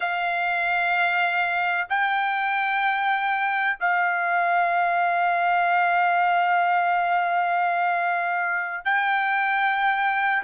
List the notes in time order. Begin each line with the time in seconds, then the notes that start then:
0.00 F5
1.89 G5
3.80 F5
8.84 G5